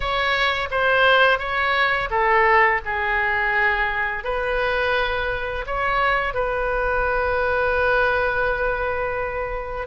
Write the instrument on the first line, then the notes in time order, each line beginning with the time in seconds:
oboe
0.00 C#5
0.71 C5
1.38 C#5
2.10 A4
2.85 G#4
4.24 B4
5.66 C#5
6.34 B4